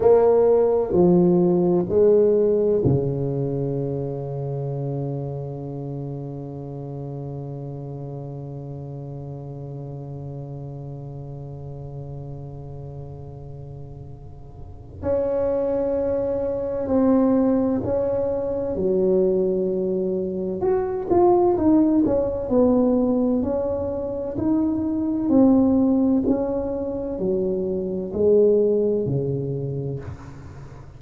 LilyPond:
\new Staff \with { instrumentName = "tuba" } { \time 4/4 \tempo 4 = 64 ais4 f4 gis4 cis4~ | cis1~ | cis1~ | cis1 |
cis'2 c'4 cis'4 | fis2 fis'8 f'8 dis'8 cis'8 | b4 cis'4 dis'4 c'4 | cis'4 fis4 gis4 cis4 | }